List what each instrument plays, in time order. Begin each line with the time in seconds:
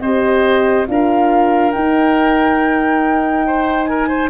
0.00 tuba C4, horn G4, oboe C5, flute D#5
0.87 tuba D4, horn F4, oboe A#4, flute F5
1.71 horn D#4, tuba D#4, flute G5
3.46 oboe C5
3.85 oboe A#4, flute G#5
4.08 oboe C5